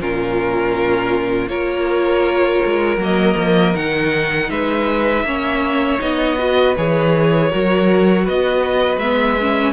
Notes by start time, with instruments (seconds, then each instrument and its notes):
0.00 cello A#2, viola C#4, violin F4 A#4
1.47 cello A#3, viola F4, violin A#4 C#5
2.66 cello G#3
2.97 cello F#3, viola A#3
3.03 violin D#5
3.37 cello F3
3.76 cello D#3, viola D#4, violin F#5
4.50 cello G#3, violin B4 E5
5.23 cello A#3, viola C#4, violin C#5
5.99 cello B3, viola D#4, violin D#5
6.39 viola F#4, violin B4
6.77 cello E3, viola G#4, violin C#5
7.50 cello F#3, viola F#4, violin A#4
8.25 cello B3, violin B4 D#5
8.97 cello G#3, viola B3, violin E5
9.41 viola C#4